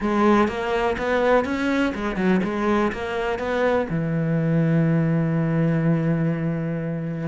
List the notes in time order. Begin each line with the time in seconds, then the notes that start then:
0.00 G#3
0.48 A#3
0.98 B3
1.45 C#4
1.94 G#3
2.16 F#3
2.43 G#3
2.92 A#3
3.38 B3
3.89 E3